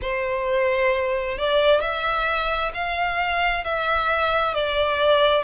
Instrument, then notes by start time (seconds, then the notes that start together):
violin
0.01 C5
1.38 D5
1.81 E5
2.74 F5
3.64 E5
4.54 D5